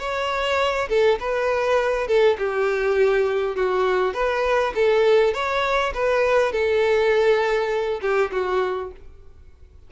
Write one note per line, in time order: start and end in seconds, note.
0.00 0.89 C#5
0.89 1.19 A4
1.20 2.08 B4
2.08 2.38 A4
2.38 3.56 G4
3.56 4.14 F#4
4.14 4.74 B4
4.76 5.34 A4
5.34 5.94 C#5
5.95 6.53 B4
6.53 8.01 A4
8.02 8.31 G4
8.32 8.92 F#4